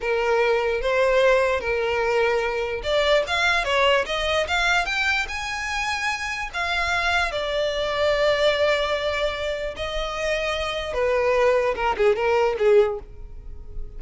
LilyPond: \new Staff \with { instrumentName = "violin" } { \time 4/4 \tempo 4 = 148 ais'2 c''2 | ais'2. d''4 | f''4 cis''4 dis''4 f''4 | g''4 gis''2. |
f''2 d''2~ | d''1 | dis''2. b'4~ | b'4 ais'8 gis'8 ais'4 gis'4 | }